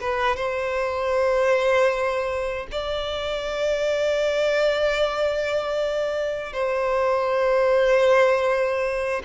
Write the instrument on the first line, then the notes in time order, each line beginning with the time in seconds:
violin
0.00 B4
0.36 C5
2.71 D5
6.53 C5